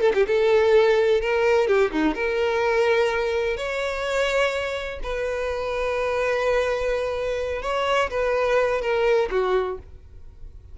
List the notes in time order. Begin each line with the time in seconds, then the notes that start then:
0.00 A4
0.14 G4
0.27 A4
1.21 A#4
1.67 G4
1.91 D#4
2.14 A#4
3.56 C#5
5.03 B4
7.62 C#5
8.10 B4
8.81 A#4
9.30 F#4